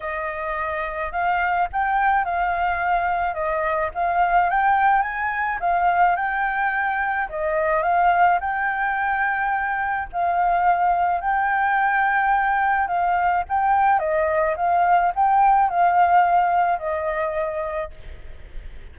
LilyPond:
\new Staff \with { instrumentName = "flute" } { \time 4/4 \tempo 4 = 107 dis''2 f''4 g''4 | f''2 dis''4 f''4 | g''4 gis''4 f''4 g''4~ | g''4 dis''4 f''4 g''4~ |
g''2 f''2 | g''2. f''4 | g''4 dis''4 f''4 g''4 | f''2 dis''2 | }